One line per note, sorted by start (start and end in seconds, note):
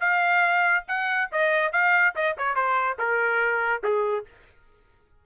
0.00 0.84 F5
0.88 1.29 F#5
1.31 1.72 D#5
1.72 2.14 F5
2.15 2.36 D#5
2.38 2.55 C#5
2.55 2.97 C5
2.98 3.82 A#4
3.83 4.25 G#4